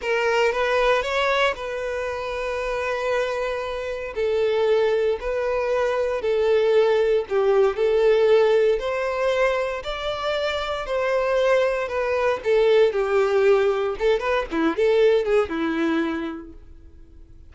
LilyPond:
\new Staff \with { instrumentName = "violin" } { \time 4/4 \tempo 4 = 116 ais'4 b'4 cis''4 b'4~ | b'1 | a'2 b'2 | a'2 g'4 a'4~ |
a'4 c''2 d''4~ | d''4 c''2 b'4 | a'4 g'2 a'8 b'8 | e'8 a'4 gis'8 e'2 | }